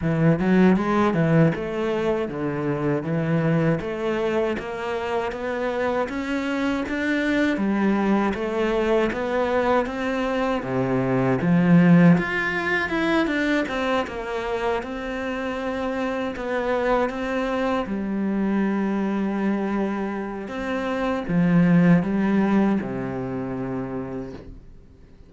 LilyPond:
\new Staff \with { instrumentName = "cello" } { \time 4/4 \tempo 4 = 79 e8 fis8 gis8 e8 a4 d4 | e4 a4 ais4 b4 | cis'4 d'4 g4 a4 | b4 c'4 c4 f4 |
f'4 e'8 d'8 c'8 ais4 c'8~ | c'4. b4 c'4 g8~ | g2. c'4 | f4 g4 c2 | }